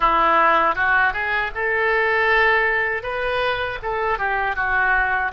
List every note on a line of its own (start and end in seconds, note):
0.00 0.75 E4
0.75 1.13 F#4
1.13 1.51 G#4
1.54 3.02 A4
3.02 3.78 B4
3.82 4.18 A4
4.18 4.55 G4
4.55 5.31 F#4